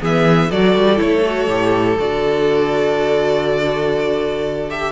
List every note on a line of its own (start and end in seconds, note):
0.00 0.51 E3
0.00 0.49 B3
0.00 0.49 G#4
0.00 0.51 E5
0.49 0.75 F#3
0.49 0.96 F#4
0.49 4.92 A4
0.49 1.00 D5
0.75 0.99 G3
0.96 1.47 A3
0.96 1.20 E4
0.96 1.98 C#5
1.26 1.48 F#4
1.47 1.97 A2
1.47 1.97 G4
1.99 4.92 D3
1.99 4.69 F#4
1.99 4.70 D5
4.69 4.92 G4
4.69 4.92 E5